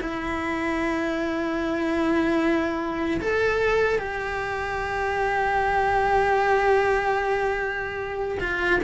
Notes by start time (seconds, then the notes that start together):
0.00 E4
3.20 A4
3.98 G4
8.40 F4